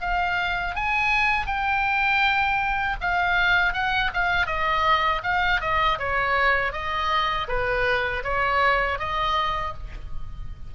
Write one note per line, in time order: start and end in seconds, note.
0.00 0.75 F5
0.75 1.46 G#5
1.46 2.96 G5
3.00 3.73 F5
3.73 4.10 F#5
4.14 4.46 F5
4.46 5.21 D#5
5.23 5.60 F5
5.60 5.98 D#5
5.99 6.72 C#5
6.72 7.47 D#5
7.48 8.23 B4
8.23 8.98 C#5
8.98 9.73 D#5